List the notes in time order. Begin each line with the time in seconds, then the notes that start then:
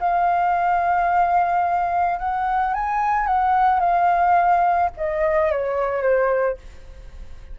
0.00 F5
2.19 F#5
2.74 G#5
3.27 F#5
3.80 F5
4.97 D#5
5.51 C#5
6.02 C5